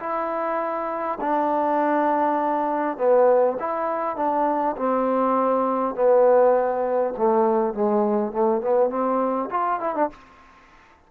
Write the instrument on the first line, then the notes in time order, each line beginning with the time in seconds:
trombone
0.00 E4
1.21 D4
2.98 B3
3.60 E4
4.17 D4
4.77 C4
5.95 B3
7.18 A3
7.74 G#3
8.32 A3
8.62 B3
8.90 C4
9.51 F4
9.80 E4
9.95 D4